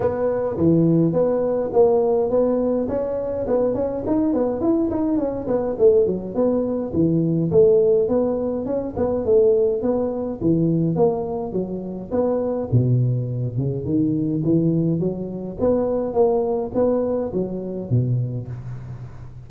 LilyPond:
\new Staff \with { instrumentName = "tuba" } { \time 4/4 \tempo 4 = 104 b4 e4 b4 ais4 | b4 cis'4 b8 cis'8 dis'8 b8 | e'8 dis'8 cis'8 b8 a8 fis8 b4 | e4 a4 b4 cis'8 b8 |
a4 b4 e4 ais4 | fis4 b4 b,4. cis8 | dis4 e4 fis4 b4 | ais4 b4 fis4 b,4 | }